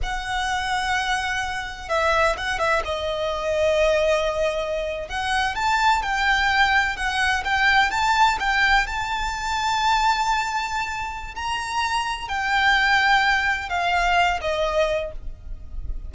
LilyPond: \new Staff \with { instrumentName = "violin" } { \time 4/4 \tempo 4 = 127 fis''1 | e''4 fis''8 e''8 dis''2~ | dis''2~ dis''8. fis''4 a''16~ | a''8. g''2 fis''4 g''16~ |
g''8. a''4 g''4 a''4~ a''16~ | a''1 | ais''2 g''2~ | g''4 f''4. dis''4. | }